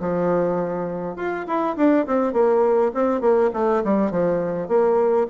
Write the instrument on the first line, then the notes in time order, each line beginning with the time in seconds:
bassoon
0.00 F3
1.16 F4
1.47 E4
1.76 D4
2.06 C4
2.33 A#3
2.94 C4
3.21 A#3
3.53 A3
3.84 G3
4.11 F3
4.68 A#3